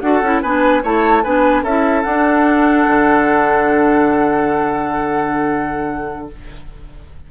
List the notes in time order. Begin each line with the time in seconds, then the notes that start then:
0.00 D4 F#4 A4 F#5
0.21 C#4 E4
0.42 B3 D4 B4 G#5
0.83 A3 E4 C#5 A5
1.23 B3 D4 B4 G#5
1.62 C#4 E4 A4 E5
2.02 D4 F#5
2.86 D3